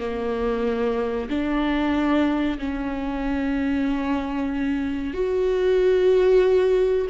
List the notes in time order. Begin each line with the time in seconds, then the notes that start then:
0.00 A#3
1.29 D4
2.59 C#4
5.14 F#4